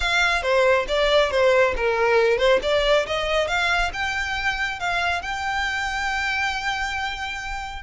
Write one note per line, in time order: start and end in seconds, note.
0.00 0.42 F5
0.42 0.86 C5
0.88 1.30 D5
1.30 1.74 C5
1.76 2.38 A#4
2.38 2.59 C5
2.62 3.06 D5
3.06 3.47 D#5
3.47 3.91 F5
3.93 4.79 G5
4.79 5.22 F5
5.22 7.83 G5